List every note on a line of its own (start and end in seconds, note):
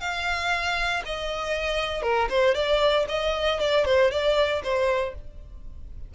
0.00 1.03 F5
1.05 2.02 D#5
2.02 2.28 A#4
2.29 2.55 C5
2.55 3.06 D5
3.09 3.60 D#5
3.60 3.85 D5
3.85 4.11 C5
4.11 4.62 D5
4.63 5.15 C5